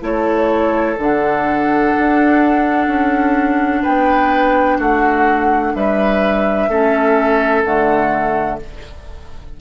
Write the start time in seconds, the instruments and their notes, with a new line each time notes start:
0.00 bassoon A3, clarinet E4, oboe A4, flute C#5
0.98 bassoon D3, clarinet D4, flute F#5
1.98 bassoon D4
2.87 bassoon C#4
3.82 bassoon B3, oboe B4, flute G5
4.77 bassoon A3, oboe F#4, flute F#5
5.74 bassoon G3, oboe B4, flute E5
6.68 bassoon A3, clarinet C#4, oboe A4
7.63 bassoon D3, clarinet A3, flute F#5